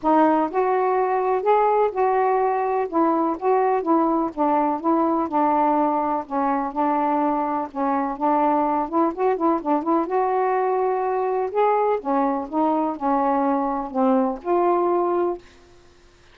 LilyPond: \new Staff \with { instrumentName = "saxophone" } { \time 4/4 \tempo 4 = 125 dis'4 fis'2 gis'4 | fis'2 e'4 fis'4 | e'4 d'4 e'4 d'4~ | d'4 cis'4 d'2 |
cis'4 d'4. e'8 fis'8 e'8 | d'8 e'8 fis'2. | gis'4 cis'4 dis'4 cis'4~ | cis'4 c'4 f'2 | }